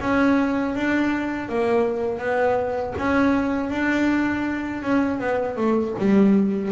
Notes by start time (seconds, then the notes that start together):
0.00 C#4
0.75 D4
1.49 A#3
2.19 B3
2.98 C#4
3.70 D4
4.82 C#4
5.20 B3
5.57 A3
5.99 G3